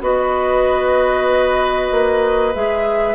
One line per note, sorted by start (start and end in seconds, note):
0.00 1.90 B3
0.00 2.53 F#4
0.00 3.15 B4
0.00 2.54 D#5
1.91 2.54 A#3
2.53 3.15 G#3
2.53 3.15 G#4
2.53 3.15 E5